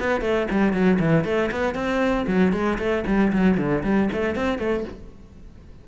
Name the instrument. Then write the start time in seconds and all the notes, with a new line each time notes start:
cello
0.00 B3
0.22 A3
0.51 G3
0.73 F#3
1.00 E3
1.25 A3
1.52 B3
1.75 C4
2.27 F#3
2.53 G#3
2.79 A3
3.07 G3
3.33 F#3
3.58 D3
3.84 G3
4.13 A3
4.36 C4
4.59 A3